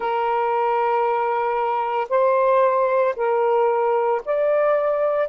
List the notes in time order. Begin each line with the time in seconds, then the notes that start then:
0.00 A#4
2.09 C5
3.16 A#4
4.25 D5